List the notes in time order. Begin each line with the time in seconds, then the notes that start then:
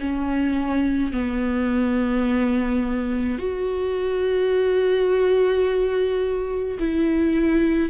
0.00 C#4
1.12 B3
3.38 F#4
6.79 E4